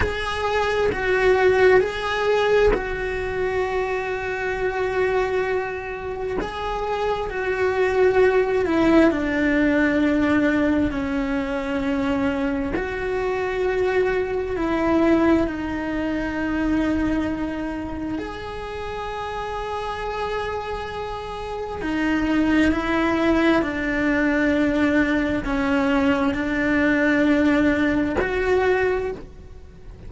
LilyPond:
\new Staff \with { instrumentName = "cello" } { \time 4/4 \tempo 4 = 66 gis'4 fis'4 gis'4 fis'4~ | fis'2. gis'4 | fis'4. e'8 d'2 | cis'2 fis'2 |
e'4 dis'2. | gis'1 | dis'4 e'4 d'2 | cis'4 d'2 fis'4 | }